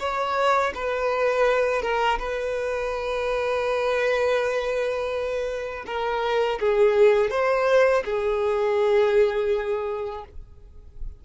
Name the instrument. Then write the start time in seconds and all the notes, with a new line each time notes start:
violin
0.00 C#5
0.75 B4
1.83 A#4
2.20 B4
5.87 A#4
6.61 G#4
7.31 C5
8.05 G#4